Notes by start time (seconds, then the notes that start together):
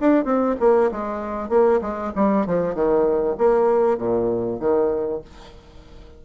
0.00 D4
0.24 C4
0.60 A#3
0.91 G#3
1.49 A#3
1.81 G#3
2.15 G3
2.46 F3
2.74 D#3
3.38 A#3
3.98 A#2
4.59 D#3